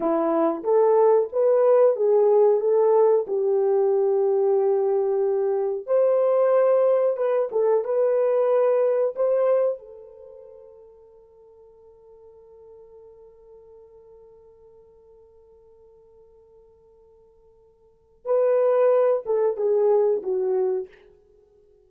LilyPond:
\new Staff \with { instrumentName = "horn" } { \time 4/4 \tempo 4 = 92 e'4 a'4 b'4 gis'4 | a'4 g'2.~ | g'4 c''2 b'8 a'8 | b'2 c''4 a'4~ |
a'1~ | a'1~ | a'1 | b'4. a'8 gis'4 fis'4 | }